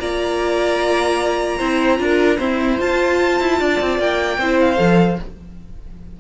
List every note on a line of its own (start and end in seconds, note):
0.00 1.60 A#3
0.00 1.60 F4
0.00 1.58 D5
0.00 2.80 A#5
1.58 1.99 C4
1.58 1.98 E4
1.58 1.98 C5
1.98 2.39 D4
1.98 2.38 F4
1.98 2.38 A#4
2.38 2.78 C4
2.38 2.80 E4
2.38 3.58 C5
2.78 4.38 F4
2.78 3.40 F4
2.78 4.00 A5
3.40 3.60 E4
3.60 3.81 D4
3.60 4.40 D5
3.81 3.99 C4
3.99 4.38 A#3
3.99 4.60 G5
4.38 4.78 C4
4.38 4.77 E4
4.38 5.20 C5
4.60 5.20 F5
4.77 5.19 F3
4.77 5.17 A4